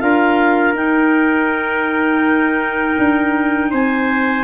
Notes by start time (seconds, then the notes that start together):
0.00 D4 F4 A#4 F5
0.74 D#4 G5
2.99 D4
3.71 C4 C5 G#5